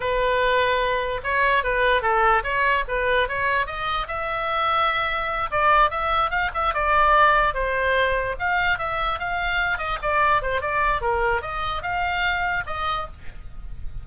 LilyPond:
\new Staff \with { instrumentName = "oboe" } { \time 4/4 \tempo 4 = 147 b'2. cis''4 | b'4 a'4 cis''4 b'4 | cis''4 dis''4 e''2~ | e''4. d''4 e''4 f''8 |
e''8 d''2 c''4.~ | c''8 f''4 e''4 f''4. | dis''8 d''4 c''8 d''4 ais'4 | dis''4 f''2 dis''4 | }